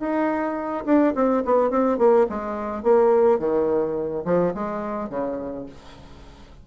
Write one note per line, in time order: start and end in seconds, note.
0.00 0.85 D#4
0.86 1.14 D4
1.16 1.44 C4
1.45 1.70 B3
1.70 1.99 C4
1.99 2.27 A#3
2.30 2.83 G#3
2.83 3.39 A#3
3.39 4.24 D#3
4.25 4.54 F3
4.55 5.10 G#3
5.10 5.66 C#3